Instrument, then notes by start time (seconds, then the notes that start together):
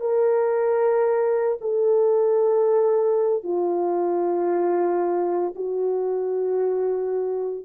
horn
0.00 A#4
1.61 A4
3.43 F4
5.55 F#4